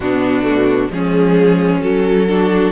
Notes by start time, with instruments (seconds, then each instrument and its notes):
0.00 cello B2, viola B3, violin D4 F#4
0.42 viola A3
0.90 cello F3, viola G#3, violin C#4 G#4
1.80 viola F#3, cello F#3, violin A4
2.28 viola D4, violin F#4